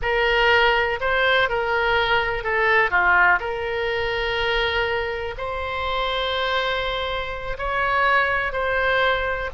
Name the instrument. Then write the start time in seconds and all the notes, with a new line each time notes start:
oboe
0.02 A#4
1.00 C5
1.49 A#4
2.43 A4
2.90 F4
3.39 A#4
5.37 C5
7.58 C#5
8.52 C5